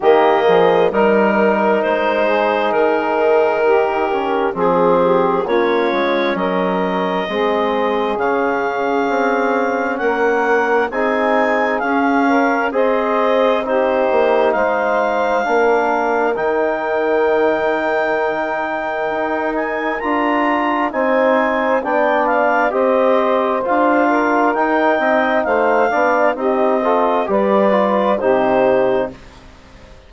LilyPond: <<
  \new Staff \with { instrumentName = "clarinet" } { \time 4/4 \tempo 4 = 66 dis''4 ais'4 c''4 ais'4~ | ais'4 gis'4 cis''4 dis''4~ | dis''4 f''2 fis''4 | gis''4 f''4 dis''4 c''4 |
f''2 g''2~ | g''4. gis''8 ais''4 gis''4 | g''8 f''8 dis''4 f''4 g''4 | f''4 dis''4 d''4 c''4 | }
  \new Staff \with { instrumentName = "saxophone" } { \time 4/4 g'8 gis'8 ais'4. gis'4. | g'4 gis'8 g'8 f'4 ais'4 | gis'2. ais'4 | gis'4. ais'8 c''4 g'4 |
c''4 ais'2.~ | ais'2. c''4 | d''4 c''4. ais'4 dis''8 | c''8 d''8 g'8 a'8 b'4 g'4 | }
  \new Staff \with { instrumentName = "trombone" } { \time 4/4 ais4 dis'2.~ | dis'8 cis'8 c'4 cis'2 | c'4 cis'2. | dis'4 cis'4 gis'4 dis'4~ |
dis'4 d'4 dis'2~ | dis'2 f'4 dis'4 | d'4 g'4 f'4 dis'4~ | dis'8 d'8 dis'8 f'8 g'8 f'8 dis'4 | }
  \new Staff \with { instrumentName = "bassoon" } { \time 4/4 dis8 f8 g4 gis4 dis4~ | dis4 f4 ais8 gis8 fis4 | gis4 cis4 c'4 ais4 | c'4 cis'4 c'4. ais8 |
gis4 ais4 dis2~ | dis4 dis'4 d'4 c'4 | b4 c'4 d'4 dis'8 c'8 | a8 b8 c'4 g4 c4 | }
>>